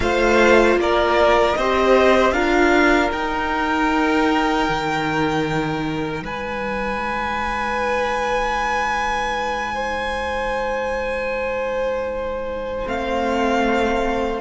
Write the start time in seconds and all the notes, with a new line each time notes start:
0.00 A3 F4 C5 F5
0.75 A#3 D5
0.81 A#4
1.54 C4 G4 C5 D#5
2.31 D4 F4 A#4 F5
3.10 D#4 G5
4.68 D#3
6.22 G#3 B4 G#5
9.73 C5
12.86 A3 C4 F5